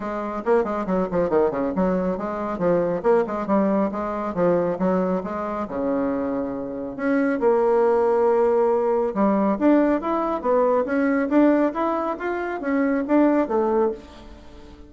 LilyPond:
\new Staff \with { instrumentName = "bassoon" } { \time 4/4 \tempo 4 = 138 gis4 ais8 gis8 fis8 f8 dis8 cis8 | fis4 gis4 f4 ais8 gis8 | g4 gis4 f4 fis4 | gis4 cis2. |
cis'4 ais2.~ | ais4 g4 d'4 e'4 | b4 cis'4 d'4 e'4 | f'4 cis'4 d'4 a4 | }